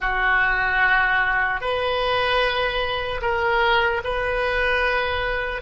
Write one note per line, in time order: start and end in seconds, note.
0.00 1.60 F#4
1.60 3.20 B4
3.21 4.01 A#4
4.04 5.61 B4